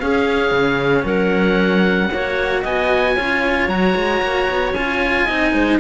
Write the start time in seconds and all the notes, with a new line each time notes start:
0.00 C#4 G#4 F5
0.52 C#3
1.05 F#3 A#4 F#5
2.12 A#3 F#4 C#5
2.62 B3 D#5 G#5
3.16 C#4 F4 C#5
3.69 F#3 F#4 A#5
3.96 G#3
4.23 A#3
4.51 B3
4.74 C#4 F4 G#5
5.25 C4 D#4 D#5
5.53 G#3 C5